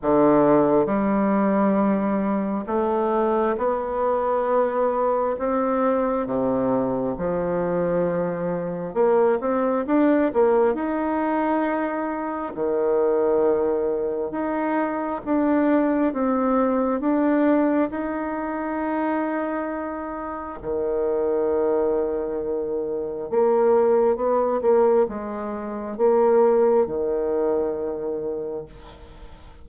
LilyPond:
\new Staff \with { instrumentName = "bassoon" } { \time 4/4 \tempo 4 = 67 d4 g2 a4 | b2 c'4 c4 | f2 ais8 c'8 d'8 ais8 | dis'2 dis2 |
dis'4 d'4 c'4 d'4 | dis'2. dis4~ | dis2 ais4 b8 ais8 | gis4 ais4 dis2 | }